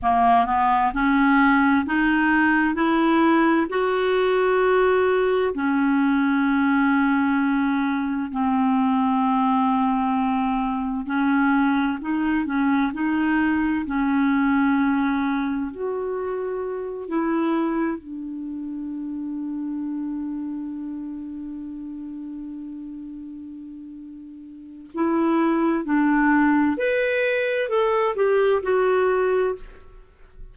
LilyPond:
\new Staff \with { instrumentName = "clarinet" } { \time 4/4 \tempo 4 = 65 ais8 b8 cis'4 dis'4 e'4 | fis'2 cis'2~ | cis'4 c'2. | cis'4 dis'8 cis'8 dis'4 cis'4~ |
cis'4 fis'4. e'4 d'8~ | d'1~ | d'2. e'4 | d'4 b'4 a'8 g'8 fis'4 | }